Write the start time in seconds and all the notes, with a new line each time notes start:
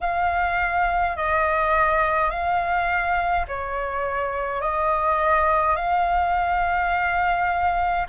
0.01 F5
1.16 D#5
2.30 F5
3.47 C#5
4.61 D#5
5.76 F5